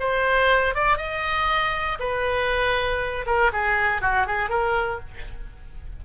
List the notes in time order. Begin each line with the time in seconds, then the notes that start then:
0.00 C5
0.75 D5
0.98 D#5
2.00 B4
3.26 A#4
3.53 G#4
4.02 F#4
4.27 G#4
4.49 A#4